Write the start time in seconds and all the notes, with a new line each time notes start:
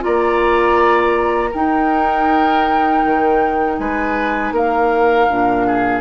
0.00 A#3 F4 D5 A#5
1.50 D#4 A#4 G5
3.04 D#3
3.78 G#3 B4 G#5
4.51 A#3 A#4 F5
5.29 A#2 D4
5.67 G#4